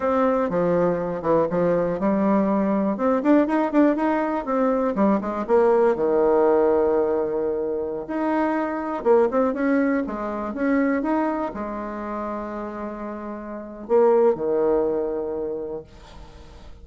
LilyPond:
\new Staff \with { instrumentName = "bassoon" } { \time 4/4 \tempo 4 = 121 c'4 f4. e8 f4 | g2 c'8 d'8 dis'8 d'8 | dis'4 c'4 g8 gis8 ais4 | dis1~ |
dis16 dis'2 ais8 c'8 cis'8.~ | cis'16 gis4 cis'4 dis'4 gis8.~ | gis1 | ais4 dis2. | }